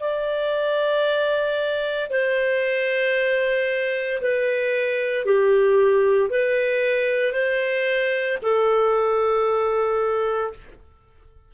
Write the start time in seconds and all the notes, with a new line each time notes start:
0.00 D5
2.11 C5
4.22 B4
5.26 G4
6.30 B4
7.33 C5
8.43 A4